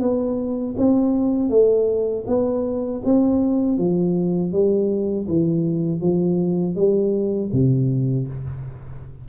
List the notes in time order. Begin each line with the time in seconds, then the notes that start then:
0.00 B3
0.77 C4
1.50 A3
2.27 B3
3.04 C4
3.78 F3
4.52 G3
5.28 E3
6.01 F3
6.75 G3
7.52 C3